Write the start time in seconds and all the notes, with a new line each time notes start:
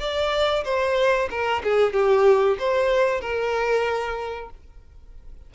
0.00 D5
0.65 C5
1.31 A#4
1.64 G#4
1.93 G4
2.60 C5
3.21 A#4